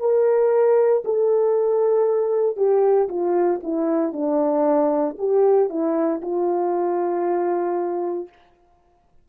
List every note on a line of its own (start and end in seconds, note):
0.00 1.03 A#4
1.05 2.57 A4
2.57 3.08 G4
3.09 3.61 F4
3.63 4.13 E4
4.13 5.16 D4
5.18 5.69 G4
5.69 6.21 E4
6.22 8.29 F4